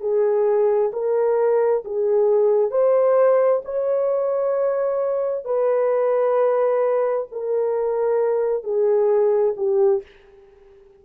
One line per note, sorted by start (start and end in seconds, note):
0.00 0.91 G#4
0.93 1.83 A#4
1.84 2.71 G#4
2.71 3.62 C5
3.65 5.45 C#5
5.45 7.26 B4
7.31 8.63 A#4
8.63 9.54 G#4
9.57 10.02 G4